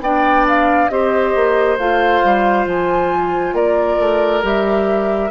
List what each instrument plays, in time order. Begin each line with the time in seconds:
0.00 bassoon B3, clarinet D4, oboe D5, flute G5
0.49 flute F5
0.89 bassoon C4, clarinet G4, oboe C5, flute D#5
1.36 bassoon A#3
1.79 bassoon A3, clarinet F4, flute F5
2.24 bassoon G3
2.66 bassoon F3, flute G#5
3.53 bassoon A#3, oboe A#4, flute D5
4.00 bassoon A3
4.43 bassoon G3, clarinet G4, flute E5